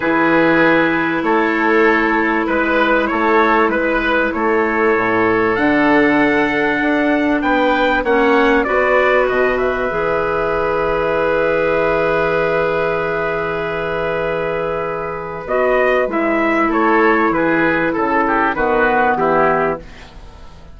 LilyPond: <<
  \new Staff \with { instrumentName = "trumpet" } { \time 4/4 \tempo 4 = 97 b'2 cis''2 | b'4 cis''4 b'4 cis''4~ | cis''4 fis''2. | g''4 fis''4 d''4 dis''8 e''8~ |
e''1~ | e''1~ | e''4 dis''4 e''4 cis''4 | b'4 a'4 b'4 g'4 | }
  \new Staff \with { instrumentName = "oboe" } { \time 4/4 gis'2 a'2 | b'4 a'4 b'4 a'4~ | a'1 | b'4 cis''4 b'2~ |
b'1~ | b'1~ | b'2. a'4 | gis'4 a'8 g'8 fis'4 e'4 | }
  \new Staff \with { instrumentName = "clarinet" } { \time 4/4 e'1~ | e'1~ | e'4 d'2.~ | d'4 cis'4 fis'2 |
gis'1~ | gis'1~ | gis'4 fis'4 e'2~ | e'2 b2 | }
  \new Staff \with { instrumentName = "bassoon" } { \time 4/4 e2 a2 | gis4 a4 gis4 a4 | a,4 d2 d'4 | b4 ais4 b4 b,4 |
e1~ | e1~ | e4 b4 gis4 a4 | e4 cis4 dis4 e4 | }
>>